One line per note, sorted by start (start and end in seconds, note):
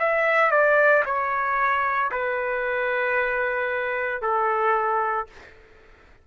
0.00 0.51 E5
0.51 1.04 D5
1.06 2.11 C#5
2.12 4.22 B4
4.22 5.27 A4